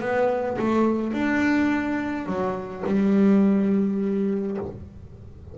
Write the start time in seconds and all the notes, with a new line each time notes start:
0.00 B3
0.58 A3
1.13 D4
2.26 F#3
2.86 G3